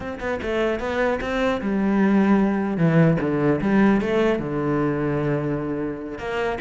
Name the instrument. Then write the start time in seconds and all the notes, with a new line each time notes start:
cello
0.00 C4
0.20 B3
0.41 A3
0.79 B3
1.21 C4
1.61 G3
2.77 E3
3.20 D3
3.61 G3
4.00 A3
4.39 D3
6.18 A#3